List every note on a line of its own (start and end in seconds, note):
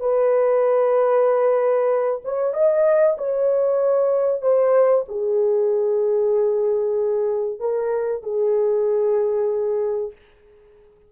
0.00 2.21 B4
2.24 2.53 C#5
2.53 3.17 D#5
3.18 4.41 C#5
4.41 5.04 C5
5.08 7.60 G#4
7.60 8.22 A#4
8.22 10.12 G#4